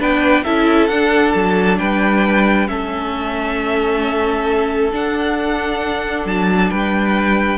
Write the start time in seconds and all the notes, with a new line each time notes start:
0.00 B3 D4 B4 G5
0.44 C#4 E4 A4 E5
0.88 D4 F#5
1.34 F#3 A5
1.79 G3 B4 G5
2.68 A3 C#4 A4 E5
4.93 D4 F#5
6.26 F#3 A5
6.71 G3 B4 G5